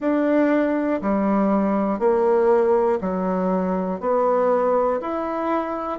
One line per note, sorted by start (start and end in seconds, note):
0.00 1.00 D4
1.01 1.99 G3
1.99 2.99 A#3
3.00 4.00 F#3
4.00 5.00 B3
5.00 5.99 E4